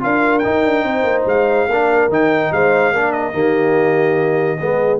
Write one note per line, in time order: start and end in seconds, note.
0.00 0.45 D4
0.00 0.42 F4
0.00 0.86 A#4
0.00 0.39 F5
0.39 1.69 D#4
0.39 1.22 G5
0.46 0.65 D#4
0.65 0.84 D4
0.84 1.04 C4
0.84 1.70 C5
1.04 1.25 A#3
1.26 1.68 G#3
1.26 2.12 F5
1.69 2.09 A#3
1.69 2.11 D4
1.69 2.53 A#4
2.09 2.50 D#3
2.09 2.94 D#4
2.09 2.53 G5
2.52 2.93 G#3
2.52 2.93 C5
2.52 3.12 F5
2.93 3.34 A#3
2.93 3.32 D4
2.93 3.34 A#4
3.12 5.00 D#5
3.32 4.59 D#3
3.32 4.57 A#3
3.32 4.59 G4
4.61 5.00 G#3
4.61 5.00 B3
4.61 5.00 G#4